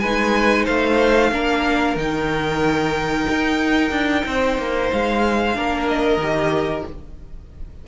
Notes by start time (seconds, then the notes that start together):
0.00 G#3 D#4 B4 G#5
0.65 A3 C5 F5
1.32 A#3 D4 A#4
1.96 D#3 D#4 G5
3.29 D#4
3.91 D4
4.25 C4 C5
4.58 A#3
4.92 G#3 F5
5.54 A#3 D4 A#4
5.88 D#5
6.17 D#3 G4